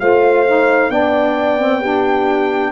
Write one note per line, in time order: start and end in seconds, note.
0.00 0.90 A3
0.00 0.45 F4
0.00 0.92 C5
0.00 0.91 F5
0.47 0.91 D#4
0.90 2.72 B3
0.90 1.59 D4
0.90 1.81 D5
0.90 2.72 G5
1.59 1.82 C4
1.81 2.72 D4
1.81 2.72 G4